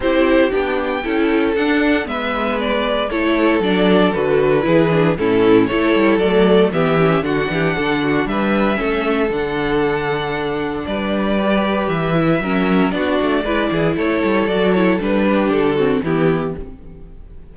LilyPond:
<<
  \new Staff \with { instrumentName = "violin" } { \time 4/4 \tempo 4 = 116 c''4 g''2 fis''4 | e''4 d''4 cis''4 d''4 | b'2 a'4 cis''4 | d''4 e''4 fis''2 |
e''2 fis''2~ | fis''4 d''2 e''4~ | e''4 d''2 cis''4 | d''8 cis''8 b'4 a'4 g'4 | }
  \new Staff \with { instrumentName = "violin" } { \time 4/4 g'2 a'2 | b'2 a'2~ | a'4 gis'4 e'4 a'4~ | a'4 g'4 fis'8 g'8 a'8 fis'8 |
b'4 a'2.~ | a'4 b'2. | ais'4 fis'4 b'8 gis'8 a'4~ | a'4. g'4 fis'8 e'4 | }
  \new Staff \with { instrumentName = "viola" } { \time 4/4 e'4 d'4 e'4 d'4 | b2 e'4 d'4 | fis'4 e'8 d'8 cis'4 e'4 | a4 b8 cis'8 d'2~ |
d'4 cis'4 d'2~ | d'2 g'4. e'8 | cis'4 d'4 e'2 | fis'8 e'8 d'4. c'8 b4 | }
  \new Staff \with { instrumentName = "cello" } { \time 4/4 c'4 b4 cis'4 d'4 | gis2 a4 fis4 | d4 e4 a,4 a8 g8 | fis4 e4 d8 e8 d4 |
g4 a4 d2~ | d4 g2 e4 | fis4 b8 a8 gis8 e8 a8 g8 | fis4 g4 d4 e4 | }
>>